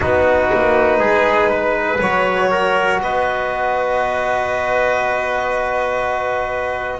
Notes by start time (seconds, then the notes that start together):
0.00 B3 D#4 F#4 B4
0.52 A#3
0.99 G#3 G#4
1.49 B4
2.00 F#3 F#4 C#5
2.50 A#4
3.01 B3 B4 D#5